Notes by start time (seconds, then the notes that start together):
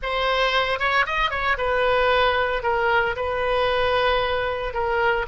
0.02 C5
0.79 C#5
1.06 D#5
1.30 C#5
1.57 B4
2.62 A#4
3.16 B4
4.73 A#4